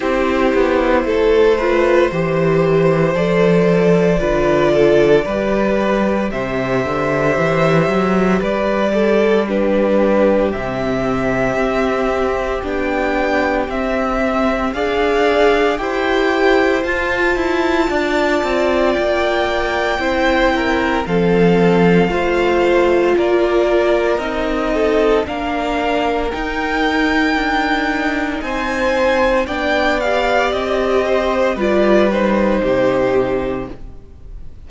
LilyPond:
<<
  \new Staff \with { instrumentName = "violin" } { \time 4/4 \tempo 4 = 57 c''2. d''4~ | d''2 e''2 | d''4 b'4 e''2 | g''4 e''4 f''4 g''4 |
a''2 g''2 | f''2 d''4 dis''4 | f''4 g''2 gis''4 | g''8 f''8 dis''4 d''8 c''4. | }
  \new Staff \with { instrumentName = "violin" } { \time 4/4 g'4 a'8 b'8 c''2 | b'8 a'8 b'4 c''2 | b'8 a'8 g'2.~ | g'2 d''4 c''4~ |
c''4 d''2 c''8 ais'8 | a'4 c''4 ais'4. a'8 | ais'2. c''4 | d''4. c''8 b'4 g'4 | }
  \new Staff \with { instrumentName = "viola" } { \time 4/4 e'4. f'8 g'4 a'4 | f'4 g'2.~ | g'4 d'4 c'2 | d'4 c'4 gis'4 g'4 |
f'2. e'4 | c'4 f'2 dis'4 | d'4 dis'2. | d'8 g'4. f'8 dis'4. | }
  \new Staff \with { instrumentName = "cello" } { \time 4/4 c'8 b8 a4 e4 f4 | d4 g4 c8 d8 e8 fis8 | g2 c4 c'4 | b4 c'4 d'4 e'4 |
f'8 e'8 d'8 c'8 ais4 c'4 | f4 a4 ais4 c'4 | ais4 dis'4 d'4 c'4 | b4 c'4 g4 c4 | }
>>